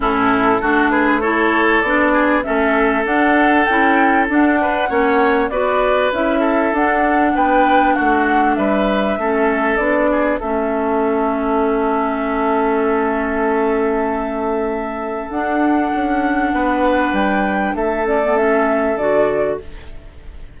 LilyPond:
<<
  \new Staff \with { instrumentName = "flute" } { \time 4/4 \tempo 4 = 98 a'4. b'8 cis''4 d''4 | e''4 fis''4 g''4 fis''4~ | fis''4 d''4 e''4 fis''4 | g''4 fis''4 e''2 |
d''4 e''2.~ | e''1~ | e''4 fis''2. | g''4 e''8 d''8 e''4 d''4 | }
  \new Staff \with { instrumentName = "oboe" } { \time 4/4 e'4 fis'8 gis'8 a'4. gis'8 | a'2.~ a'8 b'8 | cis''4 b'4. a'4. | b'4 fis'4 b'4 a'4~ |
a'8 gis'8 a'2.~ | a'1~ | a'2. b'4~ | b'4 a'2. | }
  \new Staff \with { instrumentName = "clarinet" } { \time 4/4 cis'4 d'4 e'4 d'4 | cis'4 d'4 e'4 d'4 | cis'4 fis'4 e'4 d'4~ | d'2. cis'4 |
d'4 cis'2.~ | cis'1~ | cis'4 d'2.~ | d'4. cis'16 b16 cis'4 fis'4 | }
  \new Staff \with { instrumentName = "bassoon" } { \time 4/4 a,4 a2 b4 | a4 d'4 cis'4 d'4 | ais4 b4 cis'4 d'4 | b4 a4 g4 a4 |
b4 a2.~ | a1~ | a4 d'4 cis'4 b4 | g4 a2 d4 | }
>>